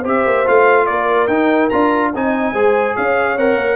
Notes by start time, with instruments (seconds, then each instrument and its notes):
0.00 tuba C4, trombone G4, horn C5
0.07 trumpet E5
0.26 tuba A#3
0.45 tuba A3, trombone F4, trumpet F5
0.86 tuba A#3, horn A#4, trumpet D5
1.27 tuba D#4, trombone D#4, trumpet G5
1.69 tuba D4, trombone F4, trumpet A#5
2.13 tuba C4, trombone D#4, horn D#5, trumpet G#5
2.53 tuba G#3, trombone G#4, horn C5
2.95 tuba C#4, horn C#5, trumpet F5
3.37 tuba C4, trombone A#4, trumpet F#5
3.55 tuba A#3